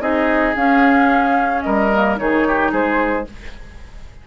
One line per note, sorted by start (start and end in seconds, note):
0.00 0.54 C4
0.00 0.54 D#4
0.00 1.64 G#4
0.00 0.55 D#5
0.56 1.64 C#4
0.56 1.91 C#4
0.56 1.62 F5
1.62 2.19 G3
1.62 2.19 A#4
1.62 2.16 D#5
1.92 2.16 A#3
2.16 2.72 D#3
2.16 3.24 D#4
2.16 2.48 G#4
2.16 2.72 C#5
2.48 2.72 G4
2.72 3.26 G#3
2.72 3.26 G#4
2.72 3.27 C5